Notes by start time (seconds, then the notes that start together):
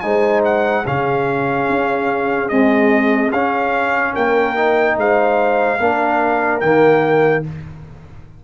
0.00 G#3 D#4 C5 G#5
0.45 F#5
0.86 C#3 C#4 G#4 F5
1.69 C#4
2.49 G#3 C4 D#5
3.32 C#4 F5
4.13 A#3 A#4 G5
4.56 D#4
4.97 G#3 C5 F5
5.80 A#3 D4 A#4
6.61 D#3 A#3 G5